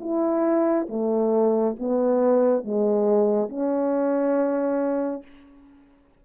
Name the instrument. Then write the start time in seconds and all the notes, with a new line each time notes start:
horn
0.00 E4
0.89 A3
1.79 B3
2.64 G#3
3.49 C#4